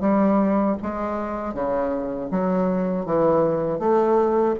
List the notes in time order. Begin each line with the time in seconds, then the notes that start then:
0.00 G3
0.82 G#3
1.54 C#3
2.31 F#3
3.06 E3
3.79 A3